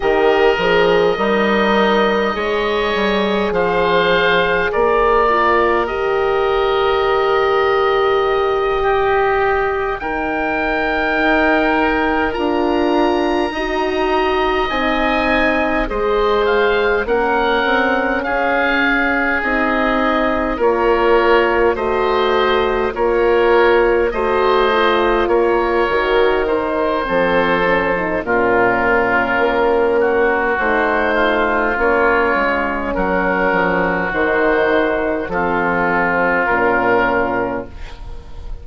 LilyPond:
<<
  \new Staff \with { instrumentName = "oboe" } { \time 4/4 \tempo 4 = 51 dis''2. f''4 | d''4 dis''2.~ | dis''8 g''2 ais''4.~ | ais''8 gis''4 dis''8 f''8 fis''4 f''8~ |
f''8 dis''4 cis''4 dis''4 cis''8~ | cis''8 dis''4 cis''4 c''4. | ais'2 c''4 cis''4 | ais'4 c''4 a'4 ais'4 | }
  \new Staff \with { instrumentName = "oboe" } { \time 4/4 ais'4 dis'4 cis''4 c''4 | ais'2.~ ais'8 g'8~ | g'8 ais'2. dis''8~ | dis''4. c''4 ais'4 gis'8~ |
gis'4. ais'4 c''4 ais'8~ | ais'8 c''4 ais'4. a'4 | f'4. fis'4 f'4. | fis'2 f'2 | }
  \new Staff \with { instrumentName = "horn" } { \time 4/4 g'8 gis'8 ais'4 gis'2~ | gis'8 f'8 g'2.~ | g'8 dis'2 f'4 fis'8~ | fis'8 dis'4 gis'4 cis'4.~ |
cis'8 dis'4 f'4 fis'4 f'8~ | f'8 fis'8 f'4 fis'8 dis'8 c'8 cis'16 dis'16 | cis'2 dis'4 cis'4~ | cis'4 dis'4 c'4 cis'4 | }
  \new Staff \with { instrumentName = "bassoon" } { \time 4/4 dis8 f8 g4 gis8 g8 f4 | ais4 dis2.~ | dis4. dis'4 d'4 dis'8~ | dis'8 c'4 gis4 ais8 c'8 cis'8~ |
cis'8 c'4 ais4 a4 ais8~ | ais8 a4 ais8 dis4 f4 | ais,4 ais4 a4 ais8 gis8 | fis8 f8 dis4 f4 ais,4 | }
>>